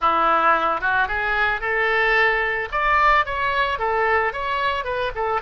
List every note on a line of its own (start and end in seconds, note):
0.01 0.81 E4
0.81 1.08 F#4
1.08 1.60 G#4
1.60 2.69 A4
2.71 3.25 D5
3.25 3.78 C#5
3.78 4.32 A4
4.32 4.84 C#5
4.84 5.11 B4
5.15 5.41 A4